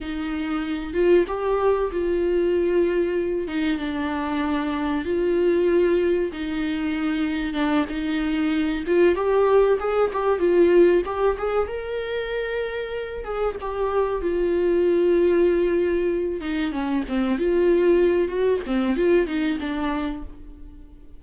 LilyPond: \new Staff \with { instrumentName = "viola" } { \time 4/4 \tempo 4 = 95 dis'4. f'8 g'4 f'4~ | f'4. dis'8 d'2 | f'2 dis'2 | d'8 dis'4. f'8 g'4 gis'8 |
g'8 f'4 g'8 gis'8 ais'4.~ | ais'4 gis'8 g'4 f'4.~ | f'2 dis'8 cis'8 c'8 f'8~ | f'4 fis'8 c'8 f'8 dis'8 d'4 | }